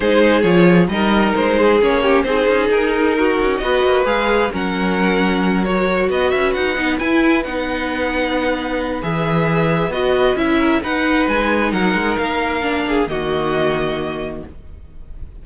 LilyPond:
<<
  \new Staff \with { instrumentName = "violin" } { \time 4/4 \tempo 4 = 133 c''4 cis''4 dis''4 c''4 | cis''4 c''4 ais'2 | dis''4 f''4 fis''2~ | fis''8 cis''4 dis''8 e''8 fis''4 gis''8~ |
gis''8 fis''2.~ fis''8 | e''2 dis''4 e''4 | fis''4 gis''4 fis''4 f''4~ | f''4 dis''2. | }
  \new Staff \with { instrumentName = "violin" } { \time 4/4 gis'2 ais'4. gis'8~ | gis'8 g'8 gis'2 fis'4 | b'2 ais'2~ | ais'4. b'2~ b'8~ |
b'1~ | b'2.~ b'8 ais'8 | b'2 ais'2~ | ais'8 gis'8 fis'2. | }
  \new Staff \with { instrumentName = "viola" } { \time 4/4 dis'4 f'4 dis'2 | cis'4 dis'2. | fis'4 gis'4 cis'2~ | cis'8 fis'2~ fis'8 dis'8 e'8~ |
e'8 dis'2.~ dis'8 | gis'2 fis'4 e'4 | dis'1 | d'4 ais2. | }
  \new Staff \with { instrumentName = "cello" } { \time 4/4 gis4 f4 g4 gis4 | ais4 c'8 cis'8 dis'4. cis'8 | b8 ais8 gis4 fis2~ | fis4. b8 cis'8 dis'8 b8 e'8~ |
e'8 b2.~ b8 | e2 b4 cis'4 | dis'4 gis4 fis8 gis8 ais4~ | ais4 dis2. | }
>>